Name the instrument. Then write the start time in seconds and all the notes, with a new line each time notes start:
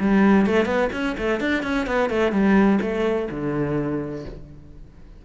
cello
0.00 G3
0.47 A3
0.66 B3
0.93 C#4
1.18 A3
1.40 D4
1.63 C#4
1.87 B3
2.10 A3
2.32 G3
2.82 A3
3.31 D3